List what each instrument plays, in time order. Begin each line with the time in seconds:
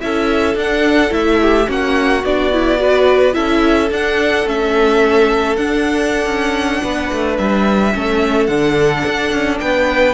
0.00 cello C#4, viola E4, violin A4 E5
0.54 cello D4, viola D4, violin F#5
1.10 cello A3, viola E4, violin E5
1.41 violin G4
1.66 cello A#3, viola C#4, violin F#4 F#5
2.24 cello B3, viola D4, violin D5
2.52 viola E4
2.78 viola F#4, violin B4
3.32 cello C#4, viola E4, violin A4 E5
3.90 cello D4, viola D4, violin F#5
4.45 cello A3, viola C#4, violin E5
5.56 cello D4, viola D4, violin F#5
6.26 cello C#4
6.83 cello B3, violin B4
7.12 cello A3
7.37 cello G3, violin E5
7.93 cello A3, viola C#4, violin A4
8.47 cello D3, viola D4, violin F#5
9.05 cello D4
9.32 cello C#4
9.60 cello B3, violin B4 G5